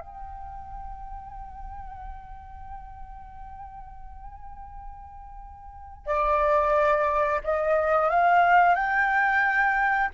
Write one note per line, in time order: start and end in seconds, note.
0.00 6.06 G5
6.06 7.41 D5
7.43 8.09 D#5
8.09 8.75 F5
8.75 10.09 G5